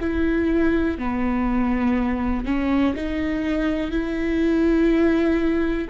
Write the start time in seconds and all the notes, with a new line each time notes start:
0.00 E4
0.98 B3
2.45 C#4
2.96 D#4
3.91 E4